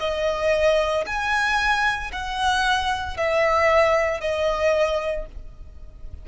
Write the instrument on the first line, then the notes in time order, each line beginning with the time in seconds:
violin
0.00 D#5
1.07 G#5
2.12 F#5
3.18 E5
4.21 D#5